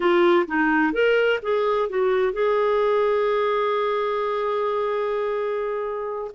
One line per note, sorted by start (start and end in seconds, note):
0.00 0.46 F4
0.47 0.92 D#4
0.92 1.39 A#4
1.42 1.89 G#4
1.89 2.32 F#4
2.32 6.31 G#4